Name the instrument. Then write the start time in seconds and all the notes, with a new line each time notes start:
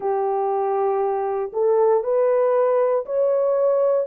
horn
0.00 G4
1.53 A4
2.03 B4
3.05 C#5